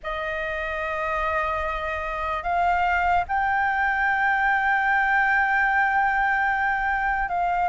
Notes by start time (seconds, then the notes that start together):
0.03 D#5
2.43 F5
3.28 G5
7.29 F5